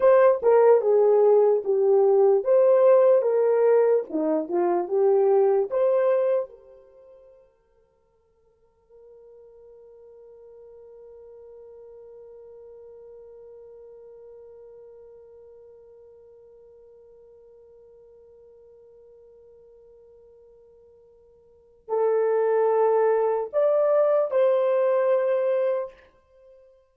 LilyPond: \new Staff \with { instrumentName = "horn" } { \time 4/4 \tempo 4 = 74 c''8 ais'8 gis'4 g'4 c''4 | ais'4 dis'8 f'8 g'4 c''4 | ais'1~ | ais'1~ |
ais'1~ | ais'1~ | ais'2. a'4~ | a'4 d''4 c''2 | }